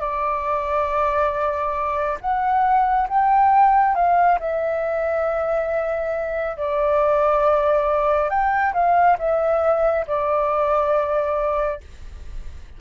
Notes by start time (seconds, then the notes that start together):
0.00 D5
2.21 F#5
3.08 G5
3.95 F5
4.40 E5
6.57 D5
8.30 G5
8.74 F5
9.19 E5
10.07 D5